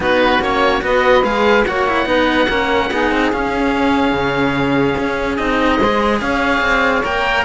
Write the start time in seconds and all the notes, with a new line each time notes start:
0.00 B3 D#4 F#4 B4
0.40 A#3 C#4 C#5
0.81 B3 F#4 B4 D#5
1.23 G#3 G#4 F5
1.66 A#3 F#4 C#5 F#5
1.87 E4
2.05 B3 D#4 B4
2.47 A#3 C#4 A#4
2.90 B3 D#4 G#4
3.11 C4
3.32 C#4 F5
4.11 C#3
4.97 C#4
5.36 C4 D#4 D#5
5.77 G#3 C5
5.84 G#4
6.20 C#4 C#5 F5
6.61 C4
7.04 A#3 A#4 G5